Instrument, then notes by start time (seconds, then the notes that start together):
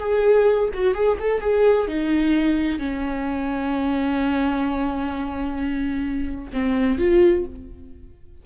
viola
0.00 G#4
0.74 F#4
0.95 G#4
1.20 A4
1.41 G#4
1.88 D#4
2.79 C#4
6.53 C4
6.99 F4